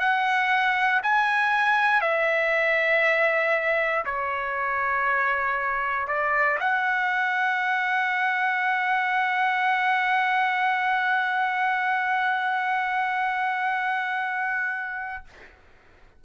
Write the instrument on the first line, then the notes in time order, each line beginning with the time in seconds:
trumpet
0.00 F#5
1.03 G#5
2.02 E5
4.05 C#5
6.08 D5
6.60 F#5